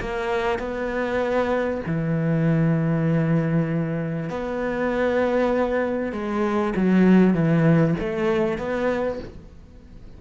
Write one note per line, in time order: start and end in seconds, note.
0.00 0.59 A#3
0.59 1.81 B3
1.86 4.29 E3
4.29 6.12 B3
6.12 6.73 G#3
6.76 7.34 F#3
7.34 7.95 E3
8.00 8.58 A3
8.58 9.19 B3